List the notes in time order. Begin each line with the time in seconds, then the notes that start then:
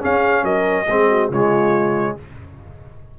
0.00 C#4 G#4 F5
0.43 F#3 A#4 D#5
0.87 G#3 C4 G#4
1.09 F#4
1.30 C#3 G#3 F4 C#5